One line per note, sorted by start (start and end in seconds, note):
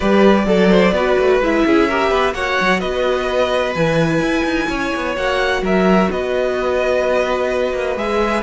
0.00 0.46 G3
0.00 0.46 G4
0.00 0.45 B4
0.00 1.38 D5
0.46 0.92 F#3
0.46 0.93 A4
0.46 0.70 A4
0.70 0.93 C5
0.92 1.15 B3
0.92 1.42 F#4
0.92 1.65 B4
1.18 1.40 A3
1.40 1.63 G#3
1.40 1.89 E4
1.40 2.34 E5
1.66 2.10 C#4
1.66 1.88 G#4
1.88 2.33 G4
1.88 2.09 A#4
2.09 2.33 B3
2.09 2.33 B4
2.33 2.58 A#3
2.33 3.73 F#4
2.33 2.80 C#5
2.33 2.80 F#5
2.60 2.82 F#3
2.80 3.75 B3
2.80 4.67 B4
2.80 3.73 D#5
3.75 4.20 E3
3.75 5.16 E4
3.75 5.15 G#5
4.20 4.43 E4
4.44 4.67 D#4
4.68 4.92 C#4
4.68 5.61 C#5
4.95 5.17 B3
5.16 5.62 A#3
5.16 7.97 F#4
5.16 5.63 F#5
5.62 6.09 F#3
5.62 6.10 A#4
5.62 6.11 E5
6.11 7.73 B3
6.11 8.43 B4
6.11 7.97 D#5
7.73 7.96 A#3
7.96 8.42 G#3
7.96 8.43 G#4
7.96 8.43 E5